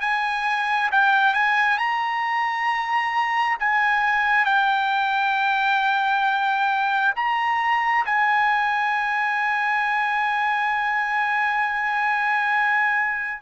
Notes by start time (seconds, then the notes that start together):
0.00 G#5
0.92 G5
1.34 G#5
1.77 A#5
3.59 G#5
4.45 G5
7.15 A#5
8.06 G#5